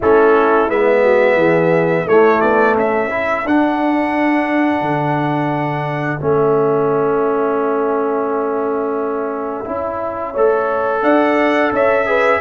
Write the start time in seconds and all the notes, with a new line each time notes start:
0.00 A3 C#4 E4 A4
0.69 G#3 B3 E5
1.03 F#4
1.35 E3 G#4
2.05 A3 E4 C#5
2.40 B3 D5
2.76 C#4 A4 E5
3.10 E4
3.44 D4 F#5
4.81 D3
6.20 A3 C#4 E5
9.65 C#4 E4
10.31 A3 A4 C#5
11.02 D4 D5 F#5
11.72 C#4 C#5 E5
12.06 G#4 B4